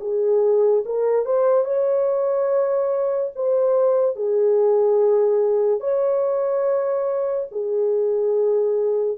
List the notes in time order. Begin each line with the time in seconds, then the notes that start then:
0.00 G#4
0.85 A#4
1.25 C5
1.64 C#5
3.35 C5
4.15 G#4
5.80 C#5
7.51 G#4